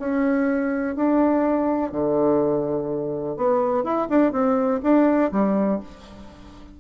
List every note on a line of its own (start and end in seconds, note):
0.00 0.96 C#4
0.96 1.92 D4
1.92 3.37 D3
3.37 3.84 B3
3.84 4.08 E4
4.10 4.33 D4
4.33 4.81 C4
4.83 5.32 D4
5.32 5.80 G3